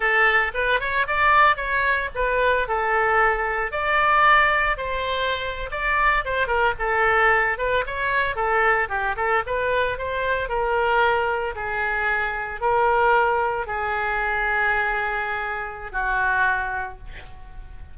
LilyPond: \new Staff \with { instrumentName = "oboe" } { \time 4/4 \tempo 4 = 113 a'4 b'8 cis''8 d''4 cis''4 | b'4 a'2 d''4~ | d''4 c''4.~ c''16 d''4 c''16~ | c''16 ais'8 a'4. b'8 cis''4 a'16~ |
a'8. g'8 a'8 b'4 c''4 ais'16~ | ais'4.~ ais'16 gis'2 ais'16~ | ais'4.~ ais'16 gis'2~ gis'16~ | gis'2 fis'2 | }